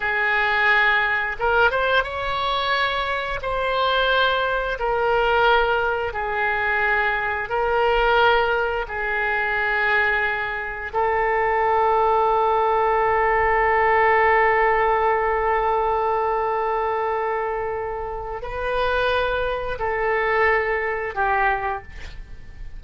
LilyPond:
\new Staff \with { instrumentName = "oboe" } { \time 4/4 \tempo 4 = 88 gis'2 ais'8 c''8 cis''4~ | cis''4 c''2 ais'4~ | ais'4 gis'2 ais'4~ | ais'4 gis'2. |
a'1~ | a'1~ | a'2. b'4~ | b'4 a'2 g'4 | }